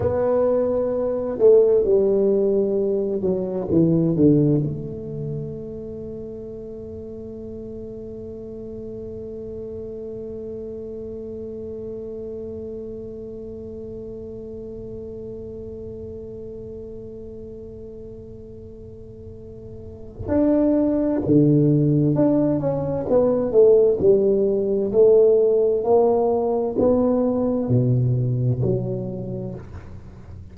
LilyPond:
\new Staff \with { instrumentName = "tuba" } { \time 4/4 \tempo 4 = 65 b4. a8 g4. fis8 | e8 d8 a2.~ | a1~ | a1~ |
a1~ | a2 d'4 d4 | d'8 cis'8 b8 a8 g4 a4 | ais4 b4 b,4 fis4 | }